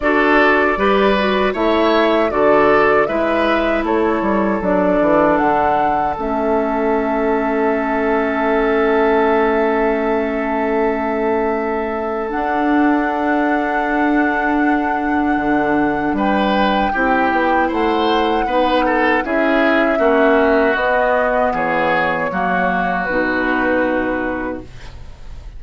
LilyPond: <<
  \new Staff \with { instrumentName = "flute" } { \time 4/4 \tempo 4 = 78 d''2 e''4 d''4 | e''4 cis''4 d''4 fis''4 | e''1~ | e''1 |
fis''1~ | fis''4 g''2 fis''4~ | fis''4 e''2 dis''4 | cis''2 b'2 | }
  \new Staff \with { instrumentName = "oboe" } { \time 4/4 a'4 b'4 cis''4 a'4 | b'4 a'2.~ | a'1~ | a'1~ |
a'1~ | a'4 b'4 g'4 c''4 | b'8 a'8 gis'4 fis'2 | gis'4 fis'2. | }
  \new Staff \with { instrumentName = "clarinet" } { \time 4/4 fis'4 g'8 fis'8 e'4 fis'4 | e'2 d'2 | cis'1~ | cis'1 |
d'1~ | d'2 e'2 | dis'4 e'4 cis'4 b4~ | b4 ais4 dis'2 | }
  \new Staff \with { instrumentName = "bassoon" } { \time 4/4 d'4 g4 a4 d4 | gis4 a8 g8 fis8 e8 d4 | a1~ | a1 |
d'1 | d4 g4 c'8 b8 a4 | b4 cis'4 ais4 b4 | e4 fis4 b,2 | }
>>